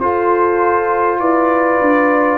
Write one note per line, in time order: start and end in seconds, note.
0.00 1.20 F4
0.00 2.38 F4
0.00 1.20 A4
0.00 1.20 C5
1.20 1.80 E4
1.20 2.38 B4
1.20 2.38 D5
1.81 2.38 D4